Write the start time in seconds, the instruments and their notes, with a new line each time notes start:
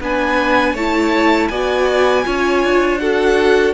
0.00 cello B3, viola D4, violin B4 G#5
0.73 cello A3, viola E4, violin C#5 A5
1.48 cello B3, viola F#4, violin D5 G#5
2.24 cello C#4, viola F4, violin C#5
2.64 cello D4
2.99 viola F#4, violin A4 F#5